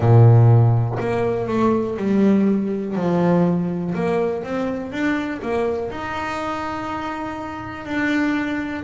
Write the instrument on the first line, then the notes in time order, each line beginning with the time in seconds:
double bass
0.00 A#2
0.99 A#3
1.48 A3
1.97 G3
2.95 F3
3.94 A#3
4.43 C4
4.92 D4
5.41 A#3
5.90 D#4
7.85 D4